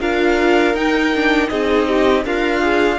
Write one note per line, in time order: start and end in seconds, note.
0.00 0.74 D4
0.00 0.74 F4
0.00 1.50 A#4
0.00 0.75 F5
0.74 1.11 D#4
0.74 1.49 D#4
0.74 1.48 G5
1.15 1.50 D4
1.48 2.24 C4
1.48 2.25 D#4
1.48 1.88 G#4
1.48 2.23 D#5
1.88 2.25 G4
2.24 2.99 D4
2.24 2.99 F4
2.24 2.60 A#4
2.24 2.99 F5
2.60 2.98 G#4